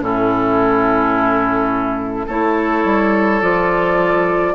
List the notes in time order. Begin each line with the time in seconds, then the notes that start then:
0.00 A2 C#4 E4 A4
2.27 A3 E4 A4 C#5
2.85 G3
3.42 F3 F4 D5